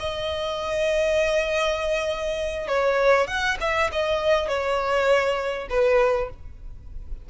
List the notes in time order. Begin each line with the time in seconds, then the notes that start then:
0.00 D#5
2.68 C#5
3.28 F#5
3.61 E5
3.92 D#5
4.48 C#5
5.70 B4